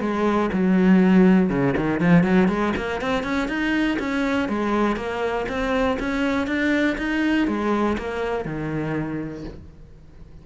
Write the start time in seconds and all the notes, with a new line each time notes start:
0.00 G#3
0.53 F#3
1.49 C#3
1.76 D#3
2.00 F3
2.23 F#3
2.48 G#3
2.76 A#3
3.01 C4
3.23 C#4
3.48 D#4
3.99 C#4
4.48 G#3
4.96 A#3
5.48 C4
5.99 C#4
6.47 D4
6.98 D#4
7.47 G#3
7.98 A#3
8.45 D#3